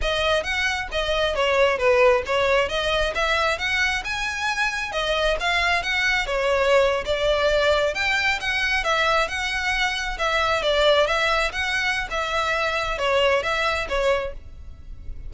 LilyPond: \new Staff \with { instrumentName = "violin" } { \time 4/4 \tempo 4 = 134 dis''4 fis''4 dis''4 cis''4 | b'4 cis''4 dis''4 e''4 | fis''4 gis''2 dis''4 | f''4 fis''4 cis''4.~ cis''16 d''16~ |
d''4.~ d''16 g''4 fis''4 e''16~ | e''8. fis''2 e''4 d''16~ | d''8. e''4 fis''4~ fis''16 e''4~ | e''4 cis''4 e''4 cis''4 | }